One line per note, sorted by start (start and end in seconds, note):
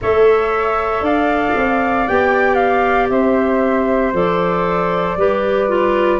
0.01 1.00 A3
0.01 2.07 A4
0.01 1.04 C#5
0.01 1.05 E5
1.00 1.52 D4
1.00 3.11 D5
1.00 2.07 F5
1.56 2.07 C4
2.07 3.10 B3
2.07 4.13 G4
2.07 2.55 G5
2.55 3.06 F5
3.09 4.13 C4
3.09 5.18 C5
3.09 4.13 E5
4.13 5.16 F3
4.13 5.17 A4
4.13 6.20 D5
5.17 6.20 G3
5.17 5.69 G4
5.17 6.20 B4
5.69 6.20 F4